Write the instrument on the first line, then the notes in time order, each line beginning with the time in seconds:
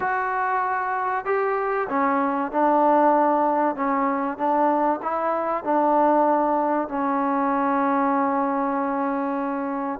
trombone
0.00 F#4
1.25 G4
1.89 C#4
2.51 D4
3.75 C#4
4.37 D4
5.02 E4
5.63 D4
6.88 C#4